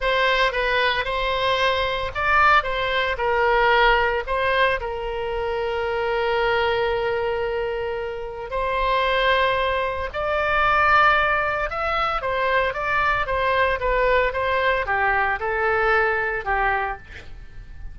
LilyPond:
\new Staff \with { instrumentName = "oboe" } { \time 4/4 \tempo 4 = 113 c''4 b'4 c''2 | d''4 c''4 ais'2 | c''4 ais'2.~ | ais'1 |
c''2. d''4~ | d''2 e''4 c''4 | d''4 c''4 b'4 c''4 | g'4 a'2 g'4 | }